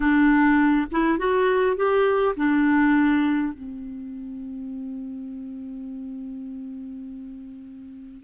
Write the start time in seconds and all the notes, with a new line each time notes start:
0.00 D4
0.91 E4
1.18 F#4
1.76 G4
2.36 D4
3.53 C4